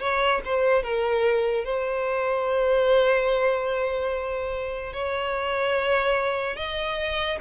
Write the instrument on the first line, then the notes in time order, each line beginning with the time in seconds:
violin
0.00 C#5
0.45 C5
0.83 A#4
1.65 C5
4.93 C#5
6.56 D#5